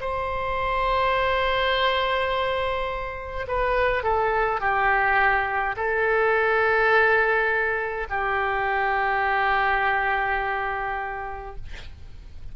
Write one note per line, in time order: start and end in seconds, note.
0.00 3.46 C5
3.47 4.03 B4
4.03 4.60 A4
4.60 5.75 G4
5.76 8.07 A4
8.09 11.55 G4